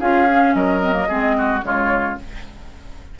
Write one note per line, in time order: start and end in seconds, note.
0.00 0.55 C#4
0.00 0.28 F4
0.00 0.54 G#4
0.00 0.55 F5
0.29 0.83 C#4
0.55 1.09 F#3
0.55 1.09 A#4
0.55 1.63 D#5
0.83 0.93 C4
0.93 1.06 A#3
1.09 1.63 G#3
1.09 1.62 C4
1.09 1.36 G#4
1.38 1.65 F#4
1.62 2.17 C#3
1.62 2.16 G#3
1.62 2.20 F4
1.62 2.19 C#5